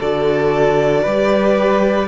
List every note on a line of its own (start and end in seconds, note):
0.00 1.06 D3
0.00 1.07 F#4
0.00 1.03 A4
0.00 2.09 D5
1.03 2.09 G3
1.03 2.09 G4
1.03 2.08 B4